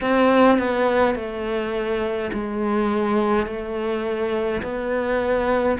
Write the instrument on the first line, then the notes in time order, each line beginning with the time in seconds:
cello
0.01 C4
0.58 B3
1.15 A3
2.33 G#3
3.46 A3
4.62 B3